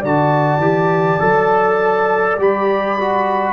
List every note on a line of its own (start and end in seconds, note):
0.00 0.58 D3
0.00 0.61 F#4
0.00 3.53 D5
0.00 2.40 A5
0.58 1.17 E3
0.58 1.20 G4
1.20 2.37 F#3
1.20 2.37 A4
2.37 3.53 G3
2.37 2.98 G4
2.37 3.53 B5
2.99 3.53 F#4